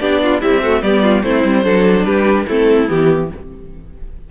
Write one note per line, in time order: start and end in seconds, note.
0.00 0.42 B3
0.00 0.41 D4
0.00 0.22 G4
0.00 0.41 D5
0.23 0.41 F4
0.41 0.62 G3
0.41 0.82 C4
0.41 0.62 E4
0.41 0.83 E5
0.62 0.83 A3
0.62 0.83 F#4
0.82 1.23 G3
0.82 1.24 B3
0.82 1.03 G4
0.82 1.23 D5
1.03 1.23 F4
1.23 1.44 A3
1.23 1.65 C4
1.23 1.65 E4
1.23 2.05 C5
1.45 1.65 G3
1.65 2.06 F#3
1.65 2.47 D4
1.65 2.06 A4
2.05 2.47 G3
2.05 2.47 G4
2.05 2.47 B4
2.48 2.90 A3
2.48 2.88 C4
2.48 3.30 E4
2.48 2.89 A4
2.88 3.32 E3
2.88 3.29 B3
2.88 3.31 G4